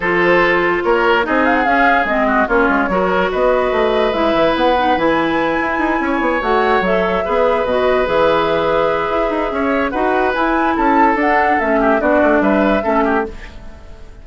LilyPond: <<
  \new Staff \with { instrumentName = "flute" } { \time 4/4 \tempo 4 = 145 c''2 cis''4 dis''8 f''16 fis''16 | f''4 dis''4 cis''2 | dis''2 e''4 fis''4 | gis''2.~ gis''8 fis''8~ |
fis''8 e''2 dis''4 e''8~ | e''1 | fis''4 gis''4 a''4 fis''4 | e''4 d''4 e''2 | }
  \new Staff \with { instrumentName = "oboe" } { \time 4/4 a'2 ais'4 gis'4~ | gis'4. fis'8 f'4 ais'4 | b'1~ | b'2~ b'8 cis''4.~ |
cis''4. b'2~ b'8~ | b'2. cis''4 | b'2 a'2~ | a'8 g'8 fis'4 b'4 a'8 g'8 | }
  \new Staff \with { instrumentName = "clarinet" } { \time 4/4 f'2. dis'4 | cis'4 c'4 cis'4 fis'4~ | fis'2 e'4. dis'8 | e'2.~ e'8 fis'8~ |
fis'8 a'4 gis'4 fis'4 gis'8~ | gis'1 | fis'4 e'2 d'4 | cis'4 d'2 cis'4 | }
  \new Staff \with { instrumentName = "bassoon" } { \time 4/4 f2 ais4 c'4 | cis'4 gis4 ais8 gis8 fis4 | b4 a4 gis8 e8 b4 | e4. e'8 dis'8 cis'8 b8 a8~ |
a8 fis4 b4 b,4 e8~ | e2 e'8 dis'8 cis'4 | dis'4 e'4 cis'4 d'4 | a4 b8 a8 g4 a4 | }
>>